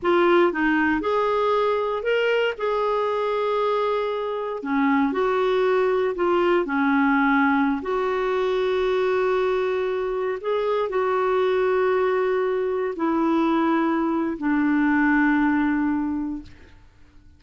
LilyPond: \new Staff \with { instrumentName = "clarinet" } { \time 4/4 \tempo 4 = 117 f'4 dis'4 gis'2 | ais'4 gis'2.~ | gis'4 cis'4 fis'2 | f'4 cis'2~ cis'16 fis'8.~ |
fis'1~ | fis'16 gis'4 fis'2~ fis'8.~ | fis'4~ fis'16 e'2~ e'8. | d'1 | }